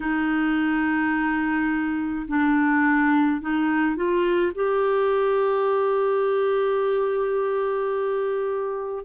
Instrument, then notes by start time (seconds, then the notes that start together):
clarinet
0.00 D#4
2.27 D4
3.41 D#4
3.96 F4
4.54 G4